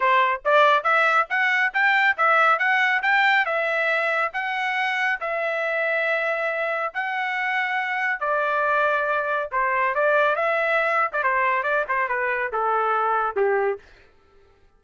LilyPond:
\new Staff \with { instrumentName = "trumpet" } { \time 4/4 \tempo 4 = 139 c''4 d''4 e''4 fis''4 | g''4 e''4 fis''4 g''4 | e''2 fis''2 | e''1 |
fis''2. d''4~ | d''2 c''4 d''4 | e''4.~ e''16 d''16 c''4 d''8 c''8 | b'4 a'2 g'4 | }